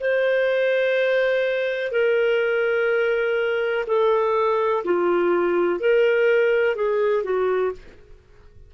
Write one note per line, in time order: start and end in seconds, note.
0.00 1.92 C5
1.92 3.85 A#4
3.87 4.84 A4
4.84 5.80 F4
5.80 6.76 A#4
6.76 7.24 G#4
7.24 7.72 F#4